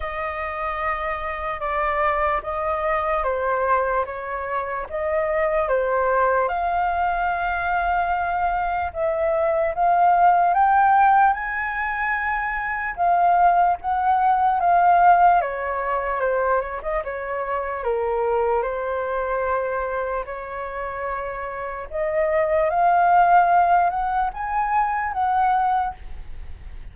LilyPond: \new Staff \with { instrumentName = "flute" } { \time 4/4 \tempo 4 = 74 dis''2 d''4 dis''4 | c''4 cis''4 dis''4 c''4 | f''2. e''4 | f''4 g''4 gis''2 |
f''4 fis''4 f''4 cis''4 | c''8 cis''16 dis''16 cis''4 ais'4 c''4~ | c''4 cis''2 dis''4 | f''4. fis''8 gis''4 fis''4 | }